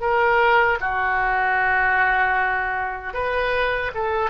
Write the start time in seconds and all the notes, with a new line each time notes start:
0.00 A#4
0.80 F#4
3.13 B4
3.94 A4